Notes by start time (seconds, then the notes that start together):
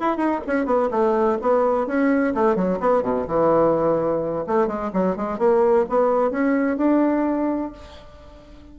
0.00 E4
0.17 D#4
0.47 C#4
0.66 B3
0.91 A3
1.42 B3
1.87 C#4
2.34 A3
2.55 F#3
2.80 B3
3.02 B2
3.27 E3
4.47 A3
4.67 G#3
4.93 F#3
5.16 G#3
5.38 A#3
5.89 B3
6.31 C#4
6.77 D4